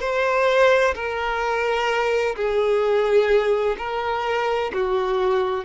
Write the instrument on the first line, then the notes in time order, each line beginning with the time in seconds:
violin
0.00 C5
0.95 A#4
2.36 G#4
3.78 A#4
4.73 F#4